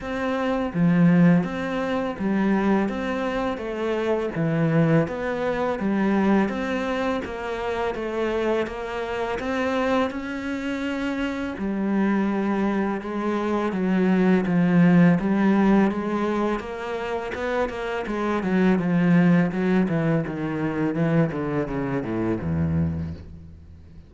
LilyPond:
\new Staff \with { instrumentName = "cello" } { \time 4/4 \tempo 4 = 83 c'4 f4 c'4 g4 | c'4 a4 e4 b4 | g4 c'4 ais4 a4 | ais4 c'4 cis'2 |
g2 gis4 fis4 | f4 g4 gis4 ais4 | b8 ais8 gis8 fis8 f4 fis8 e8 | dis4 e8 d8 cis8 a,8 e,4 | }